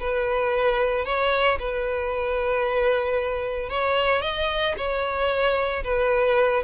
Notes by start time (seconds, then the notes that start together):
0.00 B4
1.05 C#5
1.59 B4
3.70 C#5
4.22 D#5
4.77 C#5
5.84 B4